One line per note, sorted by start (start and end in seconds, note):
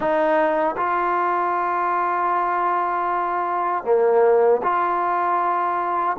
0.00 0.75 D#4
0.77 3.84 F4
3.84 4.61 A#3
4.63 6.16 F4